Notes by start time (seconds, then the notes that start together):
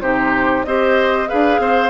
0.00 C3 D#4 G4 C5
0.64 C4 G4 C5 D#5
1.27 D4 G#4 B4 F5
1.59 C4 C5